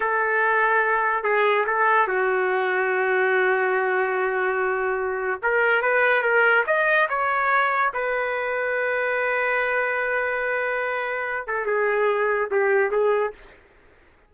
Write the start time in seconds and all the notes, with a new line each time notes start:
0.00 A4
1.23 G#4
1.66 A4
2.07 F#4
5.42 A#4
5.82 B4
6.22 A#4
6.66 D#5
7.09 C#5
7.93 B4
11.47 A4
11.66 G#4
12.50 G4
12.91 G#4